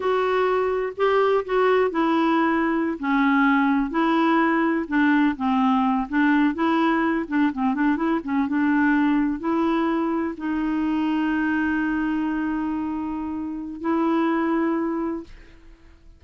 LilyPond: \new Staff \with { instrumentName = "clarinet" } { \time 4/4 \tempo 4 = 126 fis'2 g'4 fis'4 | e'2~ e'16 cis'4.~ cis'16~ | cis'16 e'2 d'4 c'8.~ | c'8. d'4 e'4. d'8 c'16~ |
c'16 d'8 e'8 cis'8 d'2 e'16~ | e'4.~ e'16 dis'2~ dis'16~ | dis'1~ | dis'4 e'2. | }